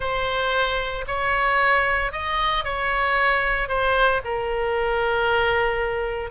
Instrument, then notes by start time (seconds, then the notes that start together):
oboe
0.00 C5
1.07 C#5
2.11 D#5
2.64 C#5
3.68 C5
4.24 A#4